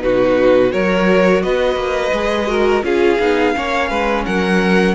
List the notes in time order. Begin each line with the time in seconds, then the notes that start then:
0.00 B2 D#4 F#4 B4
0.69 F#3 F#4 A#4 C#5
1.42 B3 B4 D#5
1.76 A#3
2.12 G#3 G#4
2.47 F#4 A#4
2.83 C#4 F4 G#4 F5
3.19 B3 D#4
3.55 A#3 C#4 C#5
3.89 G#3 B4
4.25 F#3 A#4 F#5